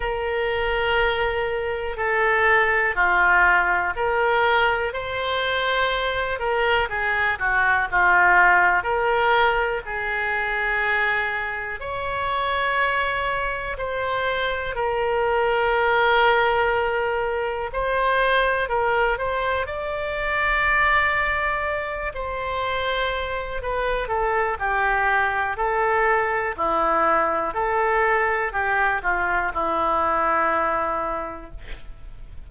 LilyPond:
\new Staff \with { instrumentName = "oboe" } { \time 4/4 \tempo 4 = 61 ais'2 a'4 f'4 | ais'4 c''4. ais'8 gis'8 fis'8 | f'4 ais'4 gis'2 | cis''2 c''4 ais'4~ |
ais'2 c''4 ais'8 c''8 | d''2~ d''8 c''4. | b'8 a'8 g'4 a'4 e'4 | a'4 g'8 f'8 e'2 | }